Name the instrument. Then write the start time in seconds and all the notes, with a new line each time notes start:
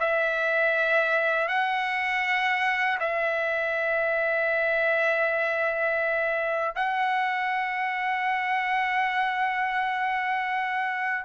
trumpet
0.00 E5
1.48 F#5
3.00 E5
6.76 F#5